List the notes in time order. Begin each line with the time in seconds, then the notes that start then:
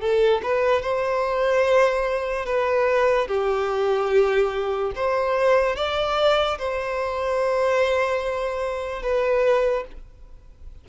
0.00 A4
0.43 B4
0.82 C5
2.45 B4
3.27 G4
4.95 C5
5.76 D5
6.58 C5
9.02 B4